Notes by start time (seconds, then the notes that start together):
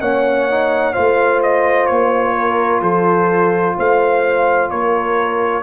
0.00 A#3 C#4 C#5 F#5
0.49 D#4
0.93 A3 F4 C5 F5
1.42 D#5
1.86 A#3 C#5
2.36 A#4
2.81 F3 A4 C5
3.77 A3 C5 F5
4.70 A#3 A#4 C#5